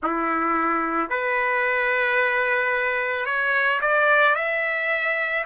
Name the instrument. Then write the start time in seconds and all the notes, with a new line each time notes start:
trumpet
0.02 E4
1.09 B4
3.25 C#5
3.81 D5
4.35 E5